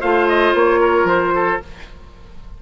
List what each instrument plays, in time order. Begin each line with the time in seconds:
0.00 bassoon A3, clarinet F4, oboe C5, trumpet F5
0.29 trumpet D#5
0.54 bassoon A#3, trumpet C#5
0.80 oboe A#4
1.04 bassoon F3, trumpet C5
1.35 oboe A4